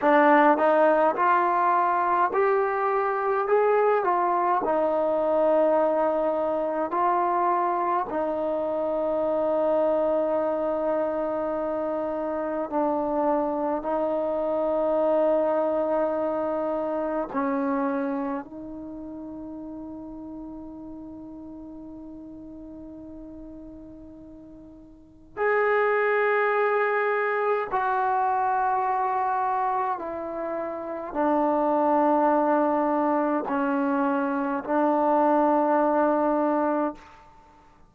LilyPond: \new Staff \with { instrumentName = "trombone" } { \time 4/4 \tempo 4 = 52 d'8 dis'8 f'4 g'4 gis'8 f'8 | dis'2 f'4 dis'4~ | dis'2. d'4 | dis'2. cis'4 |
dis'1~ | dis'2 gis'2 | fis'2 e'4 d'4~ | d'4 cis'4 d'2 | }